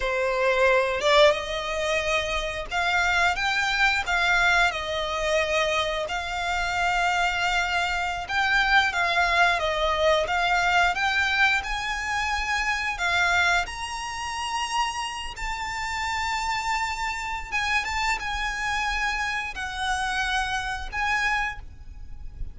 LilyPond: \new Staff \with { instrumentName = "violin" } { \time 4/4 \tempo 4 = 89 c''4. d''8 dis''2 | f''4 g''4 f''4 dis''4~ | dis''4 f''2.~ | f''16 g''4 f''4 dis''4 f''8.~ |
f''16 g''4 gis''2 f''8.~ | f''16 ais''2~ ais''8 a''4~ a''16~ | a''2 gis''8 a''8 gis''4~ | gis''4 fis''2 gis''4 | }